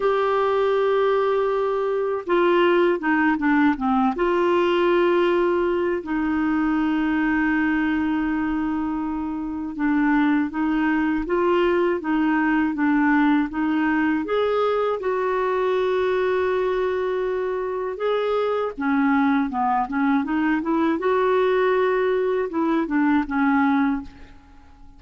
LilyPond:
\new Staff \with { instrumentName = "clarinet" } { \time 4/4 \tempo 4 = 80 g'2. f'4 | dis'8 d'8 c'8 f'2~ f'8 | dis'1~ | dis'4 d'4 dis'4 f'4 |
dis'4 d'4 dis'4 gis'4 | fis'1 | gis'4 cis'4 b8 cis'8 dis'8 e'8 | fis'2 e'8 d'8 cis'4 | }